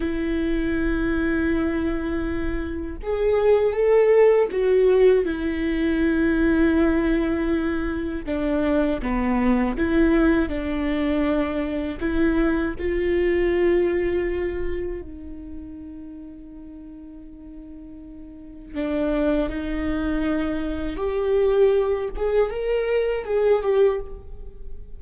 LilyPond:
\new Staff \with { instrumentName = "viola" } { \time 4/4 \tempo 4 = 80 e'1 | gis'4 a'4 fis'4 e'4~ | e'2. d'4 | b4 e'4 d'2 |
e'4 f'2. | dis'1~ | dis'4 d'4 dis'2 | g'4. gis'8 ais'4 gis'8 g'8 | }